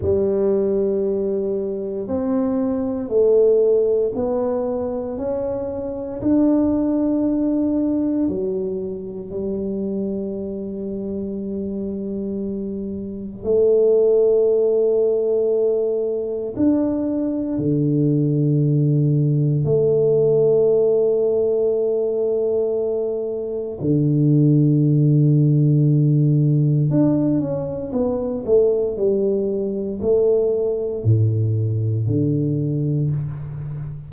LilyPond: \new Staff \with { instrumentName = "tuba" } { \time 4/4 \tempo 4 = 58 g2 c'4 a4 | b4 cis'4 d'2 | fis4 g2.~ | g4 a2. |
d'4 d2 a4~ | a2. d4~ | d2 d'8 cis'8 b8 a8 | g4 a4 a,4 d4 | }